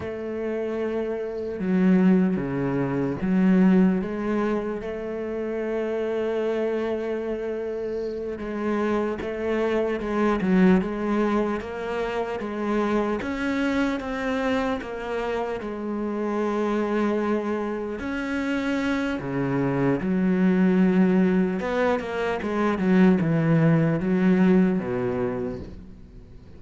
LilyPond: \new Staff \with { instrumentName = "cello" } { \time 4/4 \tempo 4 = 75 a2 fis4 cis4 | fis4 gis4 a2~ | a2~ a8 gis4 a8~ | a8 gis8 fis8 gis4 ais4 gis8~ |
gis8 cis'4 c'4 ais4 gis8~ | gis2~ gis8 cis'4. | cis4 fis2 b8 ais8 | gis8 fis8 e4 fis4 b,4 | }